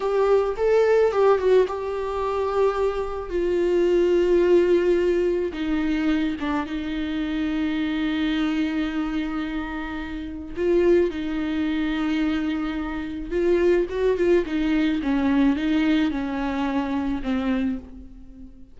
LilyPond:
\new Staff \with { instrumentName = "viola" } { \time 4/4 \tempo 4 = 108 g'4 a'4 g'8 fis'8 g'4~ | g'2 f'2~ | f'2 dis'4. d'8 | dis'1~ |
dis'2. f'4 | dis'1 | f'4 fis'8 f'8 dis'4 cis'4 | dis'4 cis'2 c'4 | }